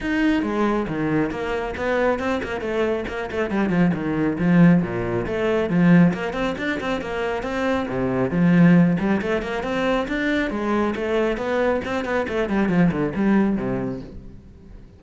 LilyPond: \new Staff \with { instrumentName = "cello" } { \time 4/4 \tempo 4 = 137 dis'4 gis4 dis4 ais4 | b4 c'8 ais8 a4 ais8 a8 | g8 f8 dis4 f4 ais,4 | a4 f4 ais8 c'8 d'8 c'8 |
ais4 c'4 c4 f4~ | f8 g8 a8 ais8 c'4 d'4 | gis4 a4 b4 c'8 b8 | a8 g8 f8 d8 g4 c4 | }